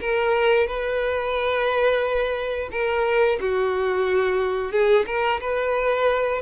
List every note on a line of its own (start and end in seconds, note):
0.00 0.66 A#4
0.66 2.69 B4
2.71 3.38 A#4
3.40 4.71 F#4
4.71 5.05 G#4
5.06 5.40 A#4
5.40 6.41 B4